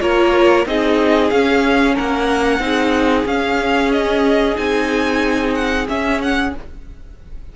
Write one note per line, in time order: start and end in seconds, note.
0.00 0.66 A#3
0.00 0.65 F4
0.00 0.67 A#4
0.00 0.65 C#5
0.66 1.31 C4
0.66 1.31 D#4
0.66 1.95 G#4
0.66 1.30 D#5
1.30 1.96 C#4
1.30 2.60 C#4
1.30 1.95 F5
1.95 2.59 A#3
1.95 2.60 A#4
1.95 3.27 F#5
2.59 3.24 C4
2.59 3.26 D#4
2.59 6.56 G#4
3.26 4.56 C#4
3.26 4.55 C#4
3.26 3.92 F5
3.92 4.57 D#5
4.55 5.88 C4
4.55 5.86 D#4
4.55 5.54 G#5
5.54 5.87 F#5
5.88 6.53 C#4
5.88 6.55 C#4
5.88 6.21 E5
6.22 6.54 F#5